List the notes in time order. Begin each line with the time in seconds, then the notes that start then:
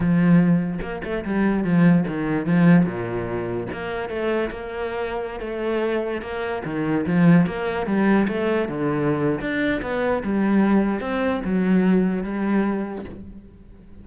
0.00 F3
0.81 A#3
1.04 A3
1.24 G3
1.63 F3
2.07 D#3
2.46 F3
2.85 A#2
3.72 A#3
4.09 A3
4.50 A#3
5.40 A3
6.21 A#3
6.65 D#3
7.06 F3
7.46 A#3
7.86 G3
8.28 A3
8.68 D3
9.40 D4
9.81 B3
10.23 G3
11.00 C4
11.44 F#3
12.23 G3